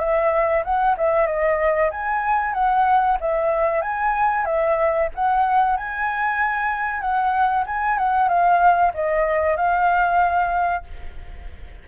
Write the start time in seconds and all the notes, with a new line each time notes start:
0.00 E5
0.65 F#5
0.97 E5
1.27 D#5
1.91 G#5
2.54 F#5
3.21 E5
3.82 G#5
4.46 E5
5.15 F#5
5.77 G#5
7.01 F#5
7.67 G#5
7.98 F#5
8.29 F5
8.94 D#5
9.57 F5